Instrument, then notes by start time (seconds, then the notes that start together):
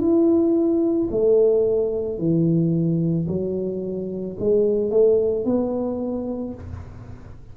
tuba
0.00 E4
1.11 A3
2.19 E3
3.28 F#3
4.40 G#3
4.91 A3
5.45 B3